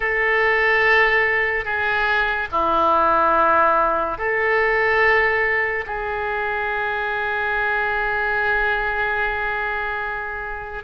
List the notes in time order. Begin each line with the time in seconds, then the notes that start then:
0.00 A4
1.64 G#4
2.51 E4
4.17 A4
5.86 G#4